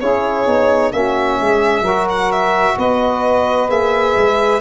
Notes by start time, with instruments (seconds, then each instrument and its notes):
0.00 tuba C#4, trombone E4, saxophone G#4, violin C#5
0.47 tuba B3, trombone D#4
0.92 tuba A#3, trombone C#4, saxophone F#4, violin E5
1.40 tuba G#3, saxophone G#4
1.82 tuba F#3, trombone F#4, saxophone A#4
2.09 violin F#5
2.32 violin E5
2.78 tuba B3, saxophone B4, violin D#5
3.69 tuba A#3, trombone G#4, violin E5
4.16 tuba G#3